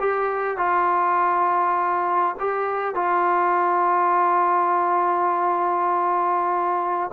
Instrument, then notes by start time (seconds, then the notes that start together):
trombone
0.00 G4
0.58 F4
2.40 G4
2.95 F4